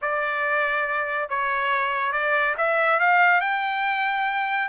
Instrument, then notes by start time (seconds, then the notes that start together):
trumpet
0.01 D5
1.29 C#5
2.12 D5
2.57 E5
2.99 F5
3.40 G5